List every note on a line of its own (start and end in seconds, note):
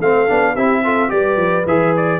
0.00 0.28 A3
0.00 0.28 C4
0.00 0.54 A4
0.00 0.56 F5
0.28 0.56 B3
0.28 0.56 D4
0.54 1.12 C4
0.54 0.85 E4
0.54 0.82 G4
0.54 1.11 E5
0.84 1.09 F4
0.84 1.12 A4
1.09 1.37 G3
1.09 1.64 G4
1.09 2.20 B4
1.09 1.66 D5
1.37 1.65 F3
1.66 2.20 E3
1.66 2.20 G#4
1.66 1.95 E5
1.97 2.20 D5